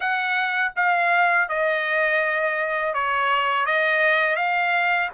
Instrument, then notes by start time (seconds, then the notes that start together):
trumpet
0.00 F#5
0.76 F5
1.48 D#5
2.93 C#5
3.66 D#5
4.36 F5